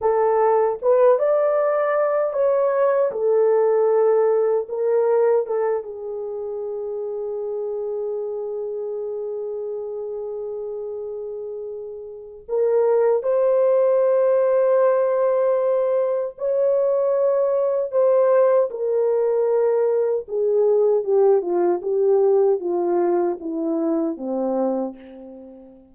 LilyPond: \new Staff \with { instrumentName = "horn" } { \time 4/4 \tempo 4 = 77 a'4 b'8 d''4. cis''4 | a'2 ais'4 a'8 gis'8~ | gis'1~ | gis'1 |
ais'4 c''2.~ | c''4 cis''2 c''4 | ais'2 gis'4 g'8 f'8 | g'4 f'4 e'4 c'4 | }